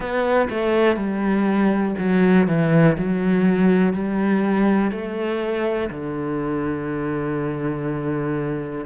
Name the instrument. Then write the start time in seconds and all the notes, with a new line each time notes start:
cello
0.00 B3
0.50 A3
0.96 G3
1.98 F#3
2.47 E3
2.97 F#3
3.93 G3
4.91 A3
5.90 D3